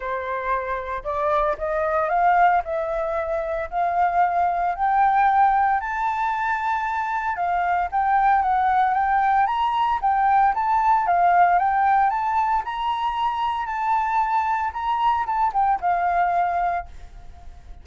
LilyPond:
\new Staff \with { instrumentName = "flute" } { \time 4/4 \tempo 4 = 114 c''2 d''4 dis''4 | f''4 e''2 f''4~ | f''4 g''2 a''4~ | a''2 f''4 g''4 |
fis''4 g''4 ais''4 g''4 | a''4 f''4 g''4 a''4 | ais''2 a''2 | ais''4 a''8 g''8 f''2 | }